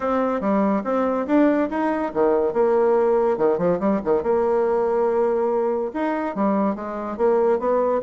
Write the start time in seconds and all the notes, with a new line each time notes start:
0.00 C4
0.40 G3
0.84 C4
1.26 D4
1.69 D#4
2.13 D#3
2.53 A#3
3.37 D#3
3.58 F3
3.79 G3
4.04 D#3
4.22 A#3
5.93 D#4
6.35 G3
6.75 G#3
7.17 A#3
7.59 B3